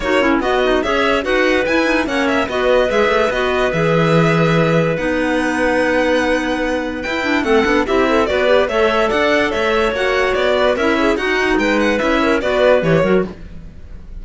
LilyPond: <<
  \new Staff \with { instrumentName = "violin" } { \time 4/4 \tempo 4 = 145 cis''4 dis''4 e''4 fis''4 | gis''4 fis''8 e''8 dis''4 e''4 | dis''4 e''2. | fis''1~ |
fis''4 g''4 fis''4 e''4 | d''4 e''4 fis''4 e''4 | fis''4 d''4 e''4 fis''4 | g''8 fis''8 e''4 d''4 cis''4 | }
  \new Staff \with { instrumentName = "clarinet" } { \time 4/4 fis'8 e'8 fis'4 cis''4 b'4~ | b'4 cis''4 b'2~ | b'1~ | b'1~ |
b'2 a'4 g'8 a'8 | b'4 cis''4 d''4 cis''4~ | cis''4. b'8 ais'8 gis'8 fis'4 | b'4. ais'8 b'4. ais'8 | }
  \new Staff \with { instrumentName = "clarinet" } { \time 4/4 dis'8 cis'8 b8 dis'8 gis'4 fis'4 | e'8 dis'8 cis'4 fis'4 gis'4 | fis'4 gis'2. | dis'1~ |
dis'4 e'8 d'8 c'8 d'8 e'4 | fis'8 g'8 a'2. | fis'2 e'4 dis'4~ | dis'4 e'4 fis'4 g'8 fis'8 | }
  \new Staff \with { instrumentName = "cello" } { \time 4/4 ais4 b4 cis'4 dis'4 | e'4 ais4 b4 gis8 a8 | b4 e2. | b1~ |
b4 e'4 a8 b8 c'4 | b4 a4 d'4 a4 | ais4 b4 cis'4 dis'4 | gis4 cis'4 b4 e8 fis8 | }
>>